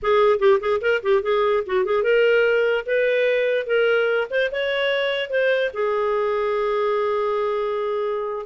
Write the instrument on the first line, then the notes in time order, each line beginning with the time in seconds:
clarinet
0.02 G#4
0.39 G4
0.60 G#4
0.81 A#4
1.02 G4
1.22 G#4
1.66 F#4
1.85 G#4
2.03 A#4
2.86 B4
3.66 A#4
4.30 C5
4.51 C#5
5.29 C5
5.73 G#4